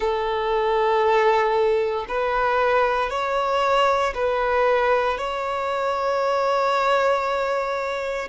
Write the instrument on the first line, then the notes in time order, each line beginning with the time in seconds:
violin
0.00 A4
2.08 B4
3.10 C#5
4.14 B4
5.17 C#5